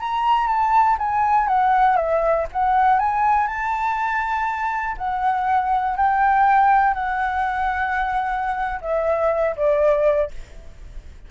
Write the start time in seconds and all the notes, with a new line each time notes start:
0.00 A#5
0.47 A5
0.98 G#5
1.47 F#5
1.96 E5
2.52 F#5
2.99 G#5
3.47 A5
4.97 F#5
5.96 G5
6.94 F#5
8.81 E5
9.56 D5